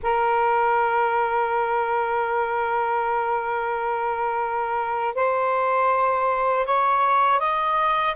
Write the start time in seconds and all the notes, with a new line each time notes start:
0.02 A#4
5.14 C5
6.65 C#5
7.39 D#5